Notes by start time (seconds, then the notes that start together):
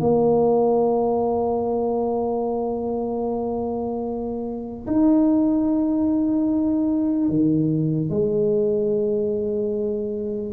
0.00 A#3
4.87 D#4
7.29 D#3
8.10 G#3